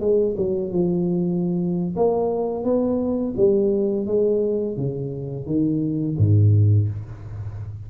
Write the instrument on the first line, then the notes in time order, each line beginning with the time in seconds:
tuba
0.00 G#3
0.37 F#3
0.72 F3
1.96 A#3
2.64 B3
3.37 G3
4.06 G#3
4.77 C#3
5.46 D#3
6.18 G#2